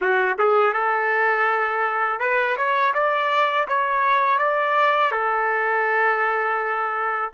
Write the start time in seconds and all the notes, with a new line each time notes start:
0.01 F#4
0.38 G#4
0.73 A4
2.20 B4
2.56 C#5
2.94 D5
3.68 C#5
4.38 D5
5.11 A4